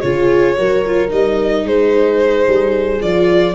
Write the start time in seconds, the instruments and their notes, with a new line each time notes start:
0.00 tuba C#3, viola F4, horn G#4, violin C#5
0.57 tuba F#3, viola F#4, horn A#4
0.86 viola F4
1.08 tuba G3, viola D#4, violin D#5
1.64 tuba G#3, horn G#4, violin C5
2.46 tuba G3
3.00 tuba F3, viola F4, violin D5